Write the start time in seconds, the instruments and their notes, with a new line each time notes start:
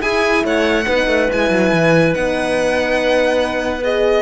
0.00 horn E4, cello E4, clarinet G#4, violin G#5
0.44 cello A3, clarinet C#5, violin F#5
0.86 cello B3, horn D#4, clarinet B4
1.07 cello A3
1.29 cello G#3, horn E4, violin G#5
1.49 cello F#3
1.72 cello E3
2.13 cello B3, horn D#4, violin F#5
3.83 horn G#4, violin D#5